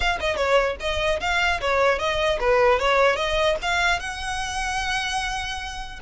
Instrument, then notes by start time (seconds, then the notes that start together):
violin
0.00 F5
0.19 D#5
0.36 C#5
0.80 D#5
1.20 F5
1.60 C#5
1.99 D#5
2.39 B4
2.79 C#5
3.16 D#5
3.62 F5
3.99 F#5